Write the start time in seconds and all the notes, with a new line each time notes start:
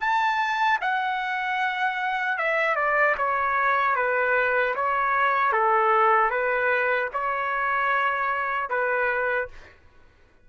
0.00 A5
0.81 F#5
2.38 E5
2.75 D5
3.17 C#5
3.95 B4
4.75 C#5
5.52 A4
6.30 B4
7.13 C#5
8.69 B4